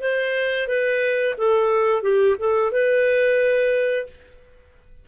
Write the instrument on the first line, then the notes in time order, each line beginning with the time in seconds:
clarinet
0.00 C5
0.67 B4
1.37 A4
2.02 G4
2.39 A4
2.72 B4